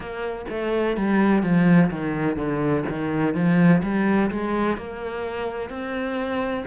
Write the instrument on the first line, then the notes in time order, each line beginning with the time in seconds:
cello
0.00 A#3
0.48 A3
0.96 G3
1.42 F3
1.90 D#3
2.36 D3
2.88 D#3
3.34 F3
3.82 G3
4.31 G#3
4.77 A#3
5.69 C4